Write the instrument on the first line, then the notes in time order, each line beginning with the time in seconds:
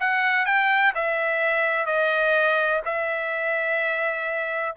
trumpet
0.00 F#5
0.46 G5
0.95 E5
1.86 D#5
2.85 E5